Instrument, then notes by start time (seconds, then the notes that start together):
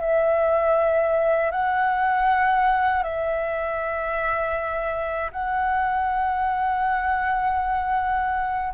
flute
0.00 E5
1.51 F#5
3.03 E5
5.32 F#5